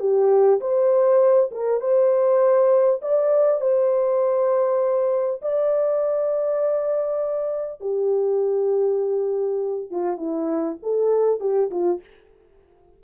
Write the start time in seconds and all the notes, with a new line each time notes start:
0.00 G4
0.61 C5
1.52 A#4
1.81 C5
3.02 D5
3.61 C5
5.42 D5
7.81 G4
9.91 F4
10.17 E4
10.83 A4
11.41 G4
11.71 F4